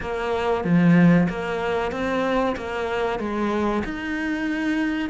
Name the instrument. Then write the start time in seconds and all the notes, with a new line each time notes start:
cello
0.01 A#3
0.64 F3
1.29 A#3
1.91 C4
2.56 A#3
3.19 G#3
3.84 D#4